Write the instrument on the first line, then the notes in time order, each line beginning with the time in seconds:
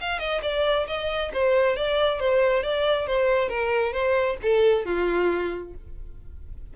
violin
0.00 F5
0.19 D#5
0.42 D5
0.87 D#5
1.33 C5
1.76 D5
2.19 C5
2.63 D5
3.07 C5
3.48 A#4
3.92 C5
4.42 A4
4.85 F4